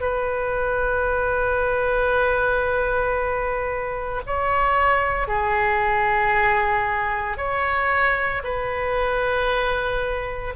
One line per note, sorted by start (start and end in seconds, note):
0.00 4.21 B4
4.26 5.27 C#5
5.27 7.37 G#4
7.37 8.42 C#5
8.43 10.54 B4